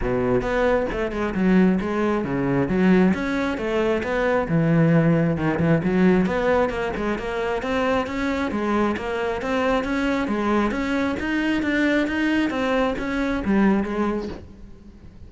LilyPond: \new Staff \with { instrumentName = "cello" } { \time 4/4 \tempo 4 = 134 b,4 b4 a8 gis8 fis4 | gis4 cis4 fis4 cis'4 | a4 b4 e2 | dis8 e8 fis4 b4 ais8 gis8 |
ais4 c'4 cis'4 gis4 | ais4 c'4 cis'4 gis4 | cis'4 dis'4 d'4 dis'4 | c'4 cis'4 g4 gis4 | }